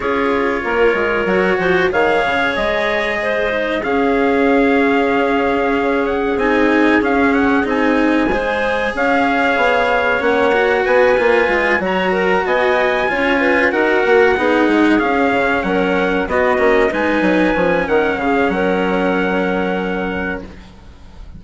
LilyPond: <<
  \new Staff \with { instrumentName = "trumpet" } { \time 4/4 \tempo 4 = 94 cis''2. f''4 | dis''2 f''2~ | f''4. fis''8 gis''4 f''8 fis''8 | gis''2 f''2 |
fis''4 gis''4. ais''4 gis''8~ | gis''4. fis''2 f''8~ | f''8 fis''4 dis''4 gis''4. | fis''8 f''8 fis''2. | }
  \new Staff \with { instrumentName = "clarinet" } { \time 4/4 gis'4 ais'4. c''8 cis''4~ | cis''4 c''4 gis'2~ | gis'1~ | gis'4 c''4 cis''2~ |
cis''4 b'4. cis''8 ais'8 dis''8~ | dis''8 cis''8 b'8 ais'4 gis'4.~ | gis'8 ais'4 fis'4 b'4. | ais'8 gis'8 ais'2. | }
  \new Staff \with { instrumentName = "cello" } { \time 4/4 f'2 fis'4 gis'4~ | gis'4. dis'8 cis'2~ | cis'2 dis'4 cis'4 | dis'4 gis'2. |
cis'8 fis'4 f'4 fis'4.~ | fis'8 f'4 fis'4 dis'4 cis'8~ | cis'4. b8 cis'8 dis'4 cis'8~ | cis'1 | }
  \new Staff \with { instrumentName = "bassoon" } { \time 4/4 cis'4 ais8 gis8 fis8 f8 dis8 cis8 | gis2 cis'2~ | cis'2 c'4 cis'4 | c'4 gis4 cis'4 b4 |
ais4 b8 ais8 gis8 fis4 b8~ | b8 cis'4 dis'8 ais8 b8 gis8 cis'8 | cis8 fis4 b8 ais8 gis8 fis8 f8 | dis8 cis8 fis2. | }
>>